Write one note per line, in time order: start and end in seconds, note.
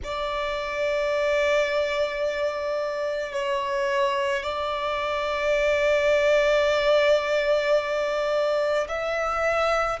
0.03 3.32 D5
3.32 4.43 C#5
4.43 8.87 D5
8.88 9.99 E5